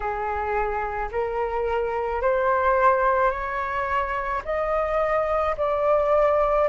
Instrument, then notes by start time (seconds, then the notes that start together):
flute
0.00 G#4
1.11 A#4
2.21 C5
3.30 C#5
4.44 D#5
5.57 D5